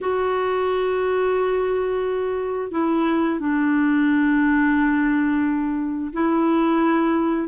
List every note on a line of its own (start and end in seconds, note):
0.00 2.71 F#4
2.71 3.39 E4
3.39 6.12 D4
6.12 7.48 E4